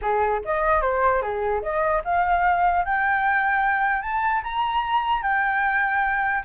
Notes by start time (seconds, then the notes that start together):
0.01 G#4
0.44 D#5
0.81 C5
1.22 G#4
1.62 D#5
2.04 F5
2.85 G5
4.02 A5
4.43 A#5
5.22 G5